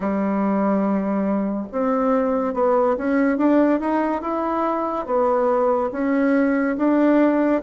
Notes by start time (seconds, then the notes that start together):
0.00 G3
1.71 C4
2.54 B3
2.97 C#4
3.37 D4
3.80 D#4
4.21 E4
5.06 B3
5.92 C#4
6.77 D4